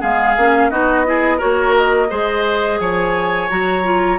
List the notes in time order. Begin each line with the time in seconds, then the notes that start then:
0.00 G#3 B3 G#4 F5
0.37 A#3 C#4
0.70 B3 D#4 F#4 D#5
1.05 E4 G#4
1.37 F#4 A#4 C#5
1.43 A#3
1.76 D#5
2.09 G#3 G#4 C5
2.79 F3 C#5 G#5
3.49 F#3 F#4 A#5
3.83 F4